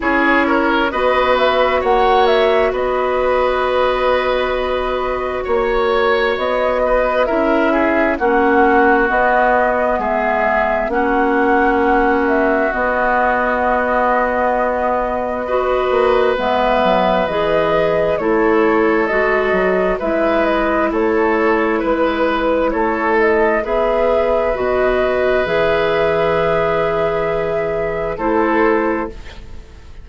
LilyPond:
<<
  \new Staff \with { instrumentName = "flute" } { \time 4/4 \tempo 4 = 66 cis''4 dis''8 e''8 fis''8 e''8 dis''4~ | dis''2 cis''4 dis''4 | e''4 fis''4 dis''4 e''4 | fis''4. e''8 dis''2~ |
dis''2 e''4 dis''4 | cis''4 dis''4 e''8 dis''8 cis''4 | b'4 cis''8 dis''8 e''4 dis''4 | e''2. c''4 | }
  \new Staff \with { instrumentName = "oboe" } { \time 4/4 gis'8 ais'8 b'4 cis''4 b'4~ | b'2 cis''4. b'8 | ais'8 gis'8 fis'2 gis'4 | fis'1~ |
fis'4 b'2. | a'2 b'4 a'4 | b'4 a'4 b'2~ | b'2. a'4 | }
  \new Staff \with { instrumentName = "clarinet" } { \time 4/4 e'4 fis'2.~ | fis'1 | e'4 cis'4 b2 | cis'2 b2~ |
b4 fis'4 b4 gis'4 | e'4 fis'4 e'2~ | e'2 gis'4 fis'4 | gis'2. e'4 | }
  \new Staff \with { instrumentName = "bassoon" } { \time 4/4 cis'4 b4 ais4 b4~ | b2 ais4 b4 | cis'4 ais4 b4 gis4 | ais2 b2~ |
b4. ais8 gis8 fis8 e4 | a4 gis8 fis8 gis4 a4 | gis4 a4 b4 b,4 | e2. a4 | }
>>